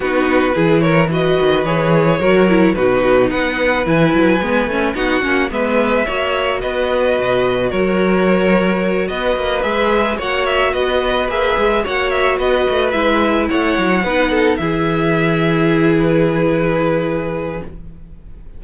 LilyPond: <<
  \new Staff \with { instrumentName = "violin" } { \time 4/4 \tempo 4 = 109 b'4. cis''8 dis''4 cis''4~ | cis''4 b'4 fis''4 gis''4~ | gis''4 fis''4 e''2 | dis''2 cis''2~ |
cis''8 dis''4 e''4 fis''8 e''8 dis''8~ | dis''8 e''4 fis''8 e''8 dis''4 e''8~ | e''8 fis''2 e''4.~ | e''4 b'2. | }
  \new Staff \with { instrumentName = "violin" } { \time 4/4 fis'4 gis'8 ais'8 b'2 | ais'4 fis'4 b'2~ | b'4 fis'4 b'4 cis''4 | b'2 ais'2~ |
ais'8 b'2 cis''4 b'8~ | b'4. cis''4 b'4.~ | b'8 cis''4 b'8 a'8 gis'4.~ | gis'1 | }
  \new Staff \with { instrumentName = "viola" } { \time 4/4 dis'4 e'4 fis'4 gis'4 | fis'8 e'8 dis'2 e'4 | b8 cis'8 dis'8 cis'8 b4 fis'4~ | fis'1~ |
fis'4. gis'4 fis'4.~ | fis'8 gis'4 fis'2 e'8~ | e'4. dis'4 e'4.~ | e'1 | }
  \new Staff \with { instrumentName = "cello" } { \time 4/4 b4 e4. dis8 e4 | fis4 b,4 b4 e8 fis8 | gis8 a8 b8 ais8 gis4 ais4 | b4 b,4 fis2~ |
fis8 b8 ais8 gis4 ais4 b8~ | b8 ais8 gis8 ais4 b8 a8 gis8~ | gis8 a8 fis8 b4 e4.~ | e1 | }
>>